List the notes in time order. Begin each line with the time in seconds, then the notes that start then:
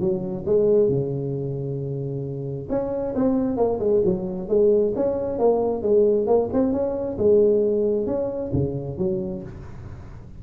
0.00 F#3
0.46 G#3
0.89 C#3
2.70 C#4
3.16 C4
3.57 A#3
3.80 G#3
4.05 F#3
4.49 G#3
4.96 C#4
5.39 A#3
5.83 G#3
6.27 A#3
6.53 C4
6.73 C#4
7.18 G#3
8.07 C#4
8.53 C#3
8.98 F#3